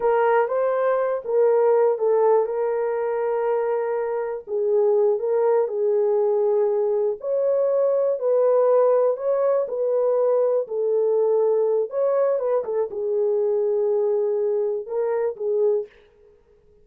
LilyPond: \new Staff \with { instrumentName = "horn" } { \time 4/4 \tempo 4 = 121 ais'4 c''4. ais'4. | a'4 ais'2.~ | ais'4 gis'4. ais'4 gis'8~ | gis'2~ gis'8 cis''4.~ |
cis''8 b'2 cis''4 b'8~ | b'4. a'2~ a'8 | cis''4 b'8 a'8 gis'2~ | gis'2 ais'4 gis'4 | }